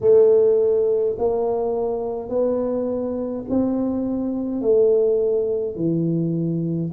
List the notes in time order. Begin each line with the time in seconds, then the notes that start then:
0.01 A3
1.18 A#3
2.29 B3
3.49 C4
4.61 A3
5.75 E3